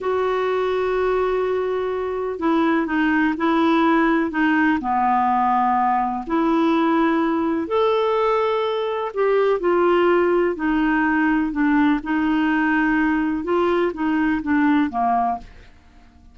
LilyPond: \new Staff \with { instrumentName = "clarinet" } { \time 4/4 \tempo 4 = 125 fis'1~ | fis'4 e'4 dis'4 e'4~ | e'4 dis'4 b2~ | b4 e'2. |
a'2. g'4 | f'2 dis'2 | d'4 dis'2. | f'4 dis'4 d'4 ais4 | }